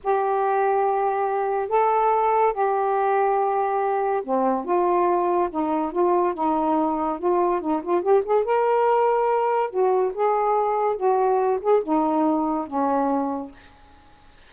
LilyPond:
\new Staff \with { instrumentName = "saxophone" } { \time 4/4 \tempo 4 = 142 g'1 | a'2 g'2~ | g'2 c'4 f'4~ | f'4 dis'4 f'4 dis'4~ |
dis'4 f'4 dis'8 f'8 g'8 gis'8 | ais'2. fis'4 | gis'2 fis'4. gis'8 | dis'2 cis'2 | }